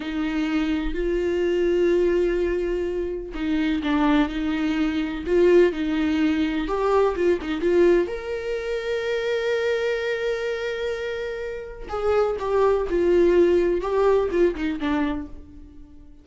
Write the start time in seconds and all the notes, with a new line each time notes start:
0.00 D#4
0.94 F4
3.34 D#4
3.83 D4
4.29 D#4
5.26 F4
5.72 D#4
6.67 G4
7.15 F4
7.41 D#4
7.61 F4
8.07 A#4
11.89 G#4
12.39 G4
12.89 F4
13.81 G4
14.31 F4
14.55 D#4
14.79 D4